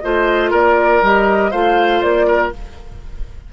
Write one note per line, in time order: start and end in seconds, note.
0.00 0.53 A3
0.00 1.03 F4
0.00 0.50 C5
0.00 0.50 D#5
0.50 1.02 A#3
0.50 1.51 A#4
0.50 1.03 D5
1.02 1.52 G3
1.02 1.52 G4
1.02 1.51 D#5
1.51 2.02 A3
1.51 2.53 F4
1.51 2.26 C5
1.51 2.01 F5
2.01 2.53 A#3
2.01 2.52 D5
2.27 2.52 A#4